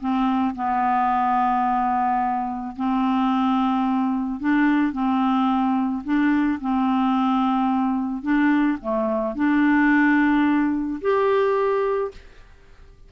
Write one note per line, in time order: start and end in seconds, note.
0.00 0.55 C4
0.56 2.76 B3
2.76 4.40 C4
4.40 4.93 D4
4.93 6.03 C4
6.04 6.59 D4
6.61 8.22 C4
8.22 8.77 D4
8.81 9.35 A3
9.35 11.00 D4
11.01 12.11 G4